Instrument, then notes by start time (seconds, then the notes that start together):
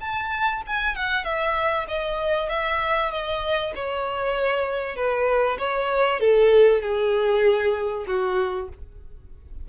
violin
0.00 A5
0.66 G#5
0.95 F#5
1.24 E5
1.88 D#5
2.49 E5
3.11 D#5
3.75 C#5
4.95 B4
5.58 C#5
6.20 A4
6.82 G#4
8.06 F#4